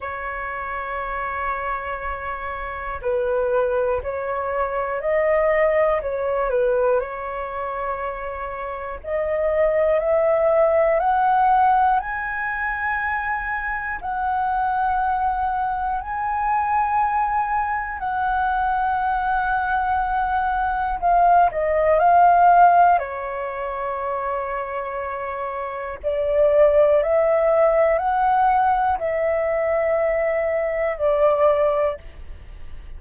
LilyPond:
\new Staff \with { instrumentName = "flute" } { \time 4/4 \tempo 4 = 60 cis''2. b'4 | cis''4 dis''4 cis''8 b'8 cis''4~ | cis''4 dis''4 e''4 fis''4 | gis''2 fis''2 |
gis''2 fis''2~ | fis''4 f''8 dis''8 f''4 cis''4~ | cis''2 d''4 e''4 | fis''4 e''2 d''4 | }